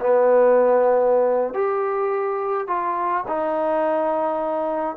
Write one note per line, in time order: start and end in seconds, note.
0.00 1.54 B3
1.54 2.67 G4
2.67 3.24 F4
3.28 4.97 D#4